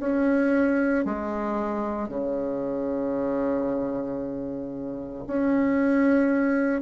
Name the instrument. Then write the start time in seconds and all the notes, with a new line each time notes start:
bassoon
0.00 C#4
1.05 G#3
2.09 C#3
5.27 C#4